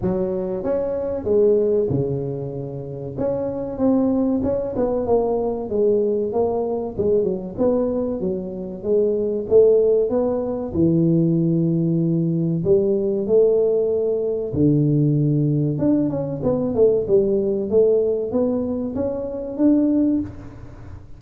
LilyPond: \new Staff \with { instrumentName = "tuba" } { \time 4/4 \tempo 4 = 95 fis4 cis'4 gis4 cis4~ | cis4 cis'4 c'4 cis'8 b8 | ais4 gis4 ais4 gis8 fis8 | b4 fis4 gis4 a4 |
b4 e2. | g4 a2 d4~ | d4 d'8 cis'8 b8 a8 g4 | a4 b4 cis'4 d'4 | }